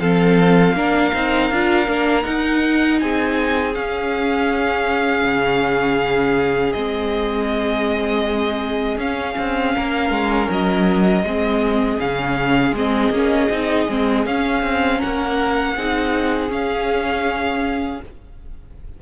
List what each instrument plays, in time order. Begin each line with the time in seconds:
0.00 cello F3, viola C4, violin A4 F5
0.74 cello A#3, viola D4, violin A#4
1.14 cello C4, viola D#4
1.51 cello D4, viola F4
1.87 cello A#3, viola D4
2.23 viola D#4, cello D#4, violin F#5
3.00 cello C4, violin G#4 G#5
3.75 viola C#4, cello C#4, violin F5
5.25 cello C#3
6.73 cello G#3, viola C4, violin D#5
8.98 cello C#4, viola C#4, violin F5
9.39 cello C4
9.76 cello A#3, violin A#4
10.10 cello G#3
10.51 cello F#3, violin D#5
11.24 cello G#3, viola C4, violin G#4
12.00 cello C#3, viola C#4, violin F5
12.73 cello G#3, viola C4, violin D#5
13.11 cello A#3, viola C#4
13.50 cello C4, viola D#4
13.89 cello G#3, viola C4
14.26 cello C#4, viola C#4, violin F5
14.63 cello C4
14.99 cello A#3, violin A#4 F#5
15.77 cello C4, viola D#4, violin G#4
16.49 viola C#4, cello C#4, violin F5